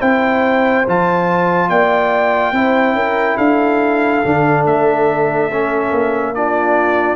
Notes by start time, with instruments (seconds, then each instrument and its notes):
0.00 tuba C4, trombone E4, horn C5, trumpet G5
0.87 tuba F3, trombone F4, trumpet A5
1.69 tuba A#3, horn D5, trumpet G5
2.52 tuba C4, trombone E4, horn C5
2.93 tuba C#4, horn A#4
3.37 tuba D4, horn A4, trumpet F5
4.24 tuba D3, trombone D4
4.65 tuba A3, trumpet E5
5.52 trombone C#4
5.91 tuba A#3
6.35 trombone D4, horn F4, trumpet D5